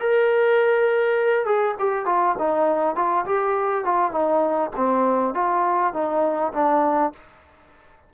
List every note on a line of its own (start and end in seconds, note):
0.00 1.46 A#4
1.46 1.76 G#4
1.80 2.06 G4
2.06 2.36 F4
2.39 2.96 D#4
2.96 3.25 F4
3.26 3.85 G4
3.85 4.12 F4
4.12 4.71 D#4
4.77 5.35 C4
5.35 5.94 F4
5.94 6.53 D#4
6.54 7.13 D4